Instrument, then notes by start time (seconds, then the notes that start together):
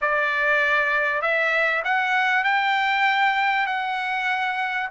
trumpet
0.01 D5
1.21 E5
1.84 F#5
2.44 G5
3.66 F#5